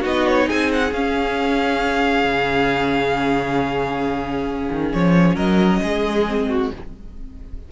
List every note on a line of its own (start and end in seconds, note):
0.00 0.48 B3
0.00 0.90 D#4
0.00 0.44 F#4
0.00 0.27 D#5
0.27 0.49 C#5
0.47 0.92 C4
0.47 5.35 G#4
0.47 0.71 G#5
0.72 0.93 F#5
0.92 2.24 C#4
0.92 6.26 C#4
0.92 4.92 F5
2.24 4.68 C#3
4.71 4.93 D#3
4.92 5.36 F3
4.92 5.36 C#5
5.35 5.80 F#3
5.35 5.79 A#4
5.35 6.69 D#5
5.83 6.71 G#3
5.83 6.49 G#4
6.26 6.71 C4
6.49 6.71 F#4